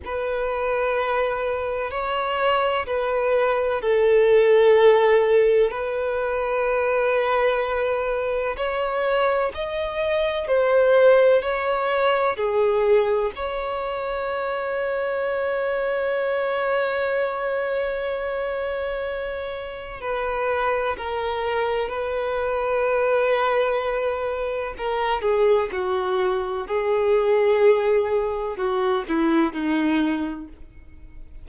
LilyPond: \new Staff \with { instrumentName = "violin" } { \time 4/4 \tempo 4 = 63 b'2 cis''4 b'4 | a'2 b'2~ | b'4 cis''4 dis''4 c''4 | cis''4 gis'4 cis''2~ |
cis''1~ | cis''4 b'4 ais'4 b'4~ | b'2 ais'8 gis'8 fis'4 | gis'2 fis'8 e'8 dis'4 | }